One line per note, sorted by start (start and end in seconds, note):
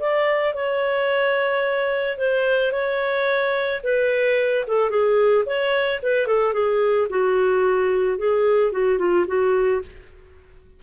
0.00 0.54 D5
0.54 2.18 C#5
2.18 2.72 C5
2.72 3.82 C#5
3.84 4.66 B4
4.68 4.90 A4
4.90 5.45 G#4
5.46 6.01 C#5
6.03 6.27 B4
6.27 6.54 A4
6.54 7.08 G#4
7.10 8.19 F#4
8.19 8.72 G#4
8.72 8.99 F#4
8.99 9.26 F4
9.28 9.82 F#4